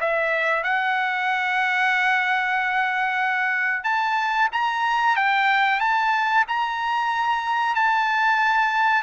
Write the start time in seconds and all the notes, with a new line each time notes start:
0.00 E5
0.63 F#5
3.84 A5
4.52 A#5
5.16 G5
5.80 A5
6.48 A#5
7.75 A5